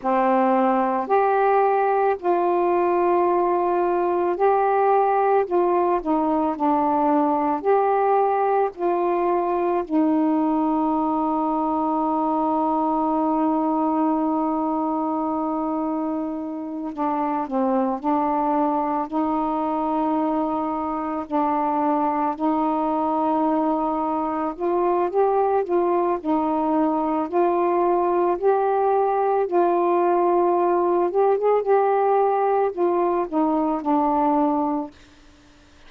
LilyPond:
\new Staff \with { instrumentName = "saxophone" } { \time 4/4 \tempo 4 = 55 c'4 g'4 f'2 | g'4 f'8 dis'8 d'4 g'4 | f'4 dis'2.~ | dis'2.~ dis'8 d'8 |
c'8 d'4 dis'2 d'8~ | d'8 dis'2 f'8 g'8 f'8 | dis'4 f'4 g'4 f'4~ | f'8 g'16 gis'16 g'4 f'8 dis'8 d'4 | }